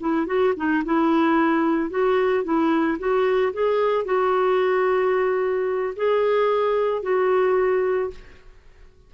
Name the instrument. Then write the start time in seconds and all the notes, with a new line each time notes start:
clarinet
0.00 E4
0.27 F#4
0.56 D#4
0.85 E4
1.90 F#4
2.44 E4
2.99 F#4
3.53 G#4
4.05 F#4
5.96 G#4
7.02 F#4